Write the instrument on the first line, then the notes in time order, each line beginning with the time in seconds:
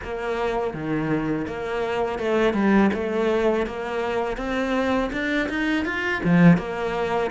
cello
0.03 A#3
0.73 D#3
1.47 A#3
2.19 A3
2.53 G3
2.93 A3
3.66 A#3
4.37 C4
5.12 D4
5.49 D#4
5.85 F4
6.24 F3
6.57 A#3